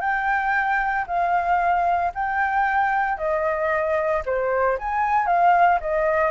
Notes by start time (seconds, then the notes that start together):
0.00 G5
1.07 F5
2.14 G5
3.17 D#5
4.25 C5
4.78 G#5
5.26 F5
5.80 D#5